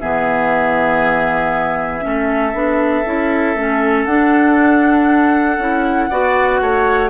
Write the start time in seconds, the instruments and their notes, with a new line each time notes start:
0.00 bassoon E3, clarinet B3, oboe G#4, flute E5
2.01 bassoon A3, clarinet C#4, oboe A4
2.53 bassoon B3, clarinet D4
3.06 bassoon C#4, clarinet E4
3.55 bassoon A3, clarinet C#4
4.05 bassoon D4, clarinet D4, flute F#5
5.58 bassoon C#4, clarinet E4
6.10 bassoon B3, clarinet F#4, oboe D5
6.61 bassoon A3, oboe C#5